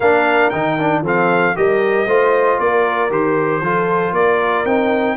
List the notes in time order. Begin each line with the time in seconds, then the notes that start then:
0.00 A#3 D4 A#4 F5
0.50 D#3 D#4 G5
0.79 D4
1.01 F3 C4 A4 F5
1.55 G3 G4 A#4 D#5
2.06 A3 F4 C5
2.58 A#3 A#4 D5
3.10 D#3 G4 C5
3.61 F3 F4 A4
4.12 A#3 A#4 D5
4.64 C4 D#4 G5